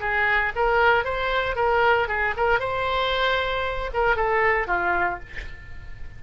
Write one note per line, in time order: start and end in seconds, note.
0.00 0.52 G#4
0.55 1.04 A#4
1.04 1.55 C5
1.55 2.08 A#4
2.08 2.34 G#4
2.37 2.59 A#4
2.59 3.90 C5
3.93 4.16 A#4
4.16 4.67 A4
4.67 5.19 F4